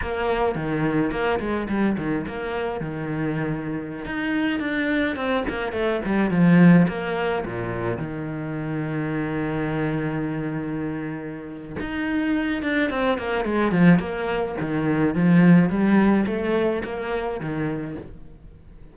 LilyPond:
\new Staff \with { instrumentName = "cello" } { \time 4/4 \tempo 4 = 107 ais4 dis4 ais8 gis8 g8 dis8 | ais4 dis2~ dis16 dis'8.~ | dis'16 d'4 c'8 ais8 a8 g8 f8.~ | f16 ais4 ais,4 dis4.~ dis16~ |
dis1~ | dis4 dis'4. d'8 c'8 ais8 | gis8 f8 ais4 dis4 f4 | g4 a4 ais4 dis4 | }